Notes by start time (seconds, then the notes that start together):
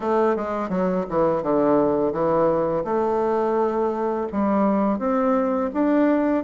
0.00 A3
0.36 G#3
0.69 F#3
1.09 E3
1.43 D3
2.12 E3
2.84 A3
4.32 G3
4.98 C4
5.73 D4